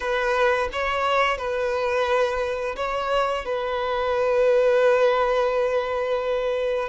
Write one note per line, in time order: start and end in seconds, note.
0.00 0.69 B4
0.72 1.37 C#5
1.37 2.75 B4
2.76 3.45 C#5
3.45 6.88 B4